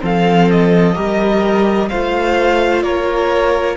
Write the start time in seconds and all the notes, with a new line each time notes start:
0.00 F3 C4 A4 F5
0.51 D#5
0.95 G3 G4 A#4
1.89 A3 F4 C5 F5
2.83 A#3 A#4 C#5